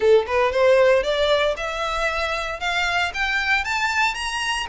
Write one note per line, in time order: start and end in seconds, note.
0.00 0.25 A4
0.26 0.51 B4
0.51 1.03 C5
1.03 1.55 D5
1.56 2.59 E5
2.59 3.12 F5
3.14 3.64 G5
3.64 4.14 A5
4.14 4.66 A#5